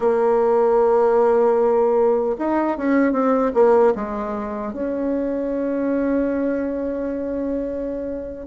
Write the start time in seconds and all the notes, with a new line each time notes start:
0.00 A#3
2.38 D#4
2.77 C#4
3.12 C4
3.53 A#3
3.95 G#3
4.73 C#4